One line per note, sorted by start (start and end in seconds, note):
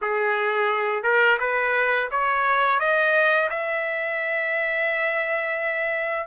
0.01 1.03 G#4
1.03 1.38 A#4
1.40 2.09 B4
2.11 2.79 C#5
2.79 3.49 D#5
3.49 6.26 E5